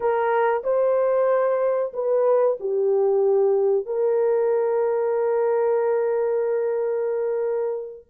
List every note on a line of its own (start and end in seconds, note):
0.00 0.62 A#4
0.63 1.92 C5
1.93 2.57 B4
2.60 3.86 G4
3.86 8.05 A#4